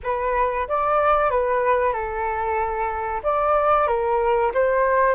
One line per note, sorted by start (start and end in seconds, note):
0.03 0.67 B4
0.68 1.30 D5
1.30 1.92 B4
1.92 3.21 A4
3.23 3.87 D5
3.87 4.51 A#4
4.53 5.14 C5